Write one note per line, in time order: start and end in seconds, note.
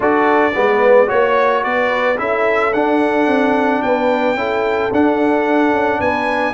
0.00 0.53 D4
0.00 0.51 F#4
0.00 0.54 A4
0.00 1.09 D5
0.54 1.10 G#3
0.54 1.06 B3
0.54 1.07 B4
1.06 1.64 A#3
1.06 2.15 F#4
1.06 1.61 C#5
1.06 1.63 C#5
1.63 2.18 B3
1.63 2.18 B4
1.63 2.18 D5
2.17 2.73 C#4
2.17 2.72 E4
2.17 3.83 A4
2.17 2.73 E5
2.73 3.27 D4
2.73 4.36 D4
2.73 3.82 F#5
3.27 3.81 C4
3.82 4.34 B3
3.82 4.38 B4
3.82 4.91 G5
4.34 4.89 C#4
4.34 4.91 E4
4.34 5.99 A4
4.91 5.72 D4
4.91 6.53 D4
4.91 6.00 F#5
5.72 6.00 C#4
5.99 6.53 B3
5.99 6.53 B4
5.99 6.53 G#5